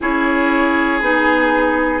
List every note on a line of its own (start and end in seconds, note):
0.00 1.00 C#4
0.00 1.01 E4
0.00 2.00 G#4
0.00 0.99 C#5
0.99 2.00 B3
0.99 2.00 D#4
0.99 2.00 G#4